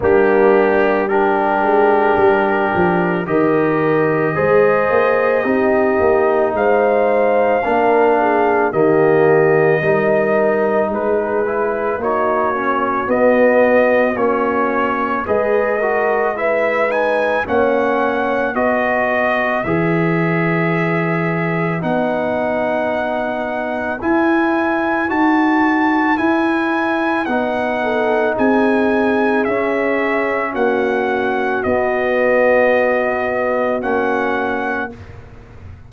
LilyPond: <<
  \new Staff \with { instrumentName = "trumpet" } { \time 4/4 \tempo 4 = 55 g'4 ais'2 dis''4~ | dis''2 f''2 | dis''2 b'4 cis''4 | dis''4 cis''4 dis''4 e''8 gis''8 |
fis''4 dis''4 e''2 | fis''2 gis''4 a''4 | gis''4 fis''4 gis''4 e''4 | fis''4 dis''2 fis''4 | }
  \new Staff \with { instrumentName = "horn" } { \time 4/4 d'4 g'2 ais'4 | c''4 g'4 c''4 ais'8 gis'8 | g'4 ais'4 gis'4 fis'4~ | fis'2 b'8 ais'8 b'4 |
cis''4 b'2.~ | b'1~ | b'4. a'8 gis'2 | fis'1 | }
  \new Staff \with { instrumentName = "trombone" } { \time 4/4 ais4 d'2 g'4 | gis'4 dis'2 d'4 | ais4 dis'4. e'8 dis'8 cis'8 | b4 cis'4 gis'8 fis'8 e'8 dis'8 |
cis'4 fis'4 gis'2 | dis'2 e'4 fis'4 | e'4 dis'2 cis'4~ | cis'4 b2 cis'4 | }
  \new Staff \with { instrumentName = "tuba" } { \time 4/4 g4. gis8 g8 f8 dis4 | gis8 ais8 c'8 ais8 gis4 ais4 | dis4 g4 gis4 ais4 | b4 ais4 gis2 |
ais4 b4 e2 | b2 e'4 dis'4 | e'4 b4 c'4 cis'4 | ais4 b2 ais4 | }
>>